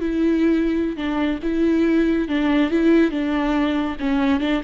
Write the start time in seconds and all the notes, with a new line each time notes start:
0.00 E4
0.96 D4
1.42 E4
2.28 D4
2.70 E4
3.11 D4
4.00 C#4
4.40 D4